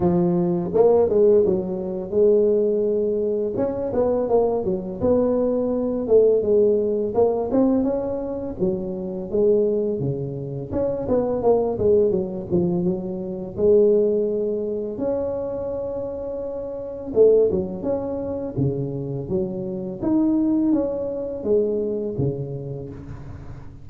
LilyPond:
\new Staff \with { instrumentName = "tuba" } { \time 4/4 \tempo 4 = 84 f4 ais8 gis8 fis4 gis4~ | gis4 cis'8 b8 ais8 fis8 b4~ | b8 a8 gis4 ais8 c'8 cis'4 | fis4 gis4 cis4 cis'8 b8 |
ais8 gis8 fis8 f8 fis4 gis4~ | gis4 cis'2. | a8 fis8 cis'4 cis4 fis4 | dis'4 cis'4 gis4 cis4 | }